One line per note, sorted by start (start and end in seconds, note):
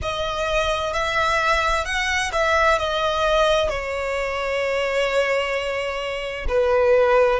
0.02 0.93 D#5
0.93 1.85 E5
1.85 2.31 F#5
2.32 2.78 E5
2.78 3.69 D#5
3.69 6.46 C#5
6.48 7.39 B4